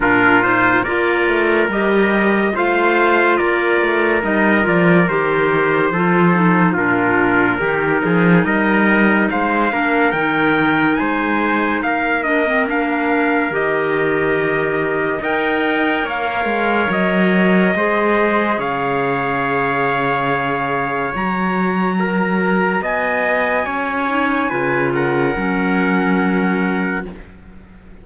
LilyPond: <<
  \new Staff \with { instrumentName = "trumpet" } { \time 4/4 \tempo 4 = 71 ais'8 c''8 d''4 dis''4 f''4 | d''4 dis''8 d''8 c''2 | ais'2 dis''4 f''4 | g''4 gis''4 f''8 dis''8 f''4 |
dis''2 g''4 f''4 | dis''2 f''2~ | f''4 ais''2 gis''4~ | gis''4. fis''2~ fis''8 | }
  \new Staff \with { instrumentName = "trumpet" } { \time 4/4 f'4 ais'2 c''4 | ais'2. a'4 | f'4 g'8 gis'8 ais'4 c''8 ais'8~ | ais'4 c''4 ais'2~ |
ais'2 dis''4 cis''4~ | cis''4 c''4 cis''2~ | cis''2 ais'4 dis''4 | cis''4 b'8 ais'2~ ais'8 | }
  \new Staff \with { instrumentName = "clarinet" } { \time 4/4 d'8 dis'8 f'4 g'4 f'4~ | f'4 dis'8 f'8 g'4 f'8 dis'8 | d'4 dis'2~ dis'8 d'8 | dis'2~ dis'8 d'16 c'16 d'4 |
g'2 ais'2~ | ais'4 gis'2.~ | gis'4 fis'2.~ | fis'8 dis'8 f'4 cis'2 | }
  \new Staff \with { instrumentName = "cello" } { \time 4/4 ais,4 ais8 a8 g4 a4 | ais8 a8 g8 f8 dis4 f4 | ais,4 dis8 f8 g4 gis8 ais8 | dis4 gis4 ais2 |
dis2 dis'4 ais8 gis8 | fis4 gis4 cis2~ | cis4 fis2 b4 | cis'4 cis4 fis2 | }
>>